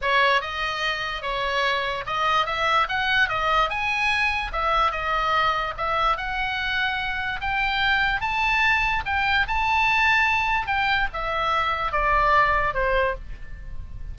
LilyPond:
\new Staff \with { instrumentName = "oboe" } { \time 4/4 \tempo 4 = 146 cis''4 dis''2 cis''4~ | cis''4 dis''4 e''4 fis''4 | dis''4 gis''2 e''4 | dis''2 e''4 fis''4~ |
fis''2 g''2 | a''2 g''4 a''4~ | a''2 g''4 e''4~ | e''4 d''2 c''4 | }